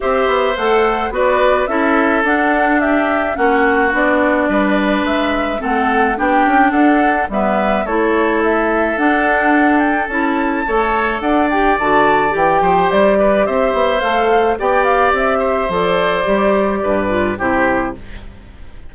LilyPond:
<<
  \new Staff \with { instrumentName = "flute" } { \time 4/4 \tempo 4 = 107 e''4 fis''4 d''4 e''4 | fis''4 e''4 fis''4 d''4~ | d''4 e''4 fis''4 g''4 | fis''4 e''4 cis''4 e''4 |
fis''4. g''8 a''2 | fis''8 g''8 a''4 g''4 d''4 | e''4 f''4 g''8 f''8 e''4 | d''2. c''4 | }
  \new Staff \with { instrumentName = "oboe" } { \time 4/4 c''2 b'4 a'4~ | a'4 g'4 fis'2 | b'2 a'4 g'4 | a'4 b'4 a'2~ |
a'2. cis''4 | d''2~ d''8 c''4 b'8 | c''2 d''4. c''8~ | c''2 b'4 g'4 | }
  \new Staff \with { instrumentName = "clarinet" } { \time 4/4 g'4 a'4 fis'4 e'4 | d'2 cis'4 d'4~ | d'2 c'4 d'4~ | d'4 b4 e'2 |
d'2 e'4 a'4~ | a'8 g'8 fis'4 g'2~ | g'4 a'4 g'2 | a'4 g'4. f'8 e'4 | }
  \new Staff \with { instrumentName = "bassoon" } { \time 4/4 c'8 b8 a4 b4 cis'4 | d'2 ais4 b4 | g4 gis4 a4 b8 cis'8 | d'4 g4 a2 |
d'2 cis'4 a4 | d'4 d4 e8 f8 g4 | c'8 b8 a4 b4 c'4 | f4 g4 g,4 c4 | }
>>